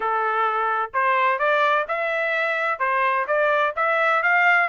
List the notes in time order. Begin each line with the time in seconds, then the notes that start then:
0.00 A4
0.93 C5
1.38 D5
1.88 E5
2.79 C5
3.27 D5
3.75 E5
4.22 F5